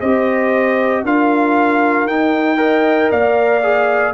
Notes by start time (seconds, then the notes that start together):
0.00 C4 G4 C5 D#5
1.03 D4 F4 A#4 F5
2.05 D#4 G5
2.57 A#4 D#5
3.11 A#3 D5 F5
3.63 G#4